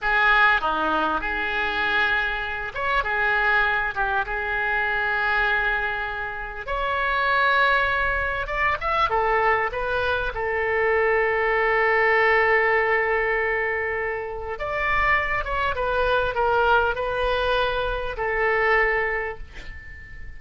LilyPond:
\new Staff \with { instrumentName = "oboe" } { \time 4/4 \tempo 4 = 99 gis'4 dis'4 gis'2~ | gis'8 cis''8 gis'4. g'8 gis'4~ | gis'2. cis''4~ | cis''2 d''8 e''8 a'4 |
b'4 a'2.~ | a'1 | d''4. cis''8 b'4 ais'4 | b'2 a'2 | }